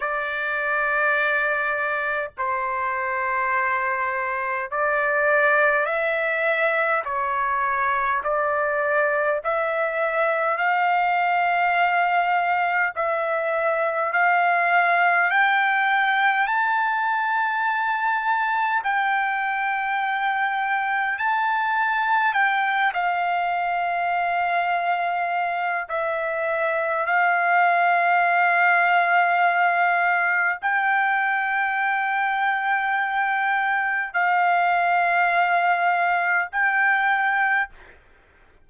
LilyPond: \new Staff \with { instrumentName = "trumpet" } { \time 4/4 \tempo 4 = 51 d''2 c''2 | d''4 e''4 cis''4 d''4 | e''4 f''2 e''4 | f''4 g''4 a''2 |
g''2 a''4 g''8 f''8~ | f''2 e''4 f''4~ | f''2 g''2~ | g''4 f''2 g''4 | }